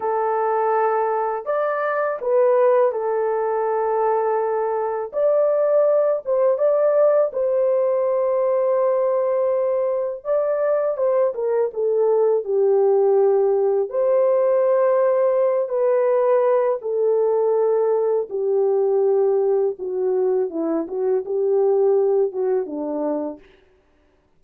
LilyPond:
\new Staff \with { instrumentName = "horn" } { \time 4/4 \tempo 4 = 82 a'2 d''4 b'4 | a'2. d''4~ | d''8 c''8 d''4 c''2~ | c''2 d''4 c''8 ais'8 |
a'4 g'2 c''4~ | c''4. b'4. a'4~ | a'4 g'2 fis'4 | e'8 fis'8 g'4. fis'8 d'4 | }